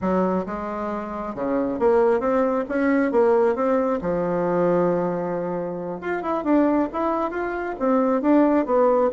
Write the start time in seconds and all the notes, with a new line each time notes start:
0.01 F#3
0.45 G#3
1.35 C#3
1.79 A#3
2.19 C4
2.68 C#4
3.11 A#3
3.55 C4
4.01 F3
6.01 F4
6.22 E4
6.43 D4
6.92 E4
7.31 F4
7.79 C4
8.21 D4
8.65 B3